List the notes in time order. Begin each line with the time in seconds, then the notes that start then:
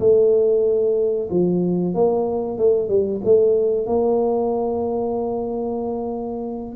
0.00 A3
1.31 F3
1.95 A#3
2.58 A3
2.89 G3
3.25 A3
3.87 A#3